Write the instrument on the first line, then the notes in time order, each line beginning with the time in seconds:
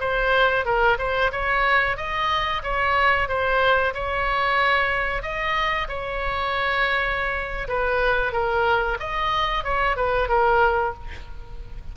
oboe
0.00 C5
0.65 A#4
0.98 C5
1.32 C#5
1.97 D#5
2.63 C#5
3.28 C5
3.94 C#5
5.23 D#5
5.88 C#5
7.68 B4
8.32 A#4
8.99 D#5
9.64 C#5
9.96 B4
10.28 A#4